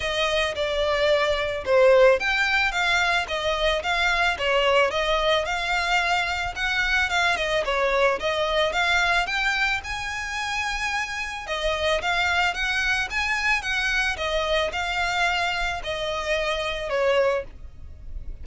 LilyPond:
\new Staff \with { instrumentName = "violin" } { \time 4/4 \tempo 4 = 110 dis''4 d''2 c''4 | g''4 f''4 dis''4 f''4 | cis''4 dis''4 f''2 | fis''4 f''8 dis''8 cis''4 dis''4 |
f''4 g''4 gis''2~ | gis''4 dis''4 f''4 fis''4 | gis''4 fis''4 dis''4 f''4~ | f''4 dis''2 cis''4 | }